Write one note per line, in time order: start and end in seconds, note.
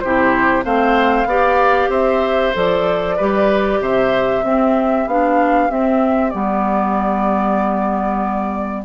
0.00 0.65 C3
0.00 0.64 E4
0.00 0.65 G4
0.00 0.63 C5
0.64 1.25 A3
0.64 1.27 C4
0.64 1.28 C5
0.64 1.91 F5
1.25 1.88 B3
1.25 2.54 G4
1.25 1.90 D5
1.89 2.52 C4
1.89 3.16 C5
1.89 2.55 E5
2.54 3.19 F3
2.54 3.17 A4
2.54 3.83 D5
3.17 3.81 G3
3.17 4.44 G4
3.17 3.80 B4
3.81 4.44 C3
3.81 4.45 C5
3.81 5.08 E5
4.44 5.07 C4
4.44 8.85 G4
5.07 5.70 B3
5.07 5.69 D4
5.07 5.71 F5
5.69 6.32 C4
5.69 6.34 C4
5.69 6.30 E5
6.30 8.85 G3
6.30 8.85 B3
6.30 8.83 D5